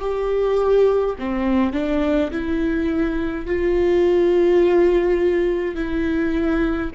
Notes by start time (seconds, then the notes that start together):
0.00 G4
1.19 C4
1.73 D4
2.31 E4
3.46 F4
5.75 E4